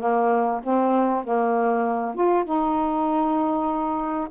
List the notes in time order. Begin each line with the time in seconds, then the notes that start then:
0.00 A#3
0.63 C4
1.24 A#3
2.15 F4
2.45 D#4